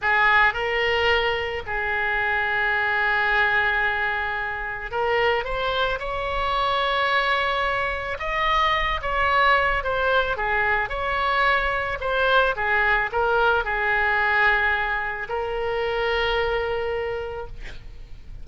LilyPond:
\new Staff \with { instrumentName = "oboe" } { \time 4/4 \tempo 4 = 110 gis'4 ais'2 gis'4~ | gis'1~ | gis'4 ais'4 c''4 cis''4~ | cis''2. dis''4~ |
dis''8 cis''4. c''4 gis'4 | cis''2 c''4 gis'4 | ais'4 gis'2. | ais'1 | }